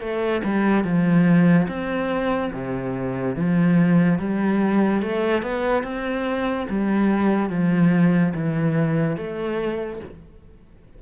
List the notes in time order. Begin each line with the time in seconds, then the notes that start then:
0.00 A3
0.44 G3
0.84 F3
1.68 C4
2.53 C3
3.36 F3
4.19 G3
5.02 A3
5.42 B3
5.83 C4
6.69 G3
7.50 F3
8.34 E3
9.17 A3